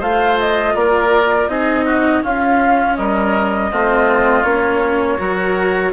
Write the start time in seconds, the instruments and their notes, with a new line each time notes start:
0.00 bassoon A3, cello F4, oboe C5, flute F5
0.39 flute D#5
0.75 bassoon A#3, oboe A#4, flute D5
1.48 bassoon C4, cello D#4, oboe G#4, flute D#5
1.85 oboe F#4
2.22 cello C#4, bassoon C#4, oboe F4, flute F5
2.96 bassoon G3, oboe A#4, flute D#5
3.71 bassoon A3, cello C4, oboe F4
4.44 bassoon A#3, cello C#4, flute C#5
5.19 bassoon F#3, cello F#4, oboe A#4